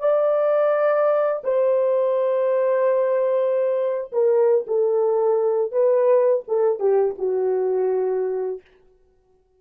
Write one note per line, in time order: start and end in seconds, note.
0.00 1.43 D5
1.44 4.11 C5
4.12 4.66 A#4
4.67 5.72 A4
5.72 6.43 B4
6.48 6.79 A4
6.79 7.15 G4
7.18 8.61 F#4